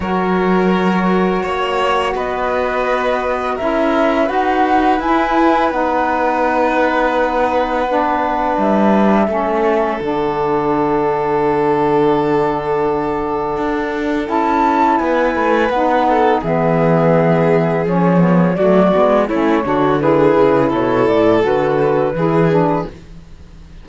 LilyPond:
<<
  \new Staff \with { instrumentName = "flute" } { \time 4/4 \tempo 4 = 84 cis''2. dis''4~ | dis''4 e''4 fis''4 gis''4 | fis''1 | e''2 fis''2~ |
fis''1 | a''4 gis''4 fis''4 e''4~ | e''4 cis''4 d''4 cis''4 | b'4 cis''8 d''8 b'2 | }
  \new Staff \with { instrumentName = "violin" } { \time 4/4 ais'2 cis''4 b'4~ | b'4 ais'4 b'2~ | b'1~ | b'4 a'2.~ |
a'1~ | a'4 b'4. a'8 gis'4~ | gis'2 fis'4 e'8 fis'8 | gis'4 a'2 gis'4 | }
  \new Staff \with { instrumentName = "saxophone" } { \time 4/4 fis'1~ | fis'4 e'4 fis'4 e'4 | dis'2. d'4~ | d'4 cis'4 d'2~ |
d'1 | e'2 dis'4 b4~ | b4 cis'8 b8 a8 b8 cis'8 d'8 | e'2 fis'4 e'8 d'8 | }
  \new Staff \with { instrumentName = "cello" } { \time 4/4 fis2 ais4 b4~ | b4 cis'4 dis'4 e'4 | b1 | g4 a4 d2~ |
d2. d'4 | cis'4 b8 a8 b4 e4~ | e4 f4 fis8 gis8 a8 d8~ | d8 cis8 b,8 a,8 d4 e4 | }
>>